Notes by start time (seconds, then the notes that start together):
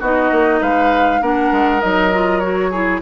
0.00 B3 D#4 F#4 D#5
0.31 A#3
0.61 G#3 B4 F5
1.21 A#3 D4 A#4 F#5
1.52 G#3
1.80 F#3 D#4 D#5
2.13 F4
2.40 F#4 C#5
2.71 E4 G#4